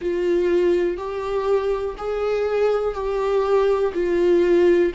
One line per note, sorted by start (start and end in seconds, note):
0.01 0.97 F4
0.97 1.95 G4
1.97 2.94 G#4
2.94 3.93 G4
3.93 4.92 F4